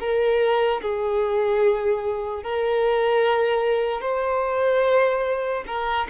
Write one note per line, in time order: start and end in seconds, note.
0.00 0.81 A#4
0.81 2.43 G#4
2.43 4.01 A#4
4.01 5.64 C5
5.66 6.07 A#4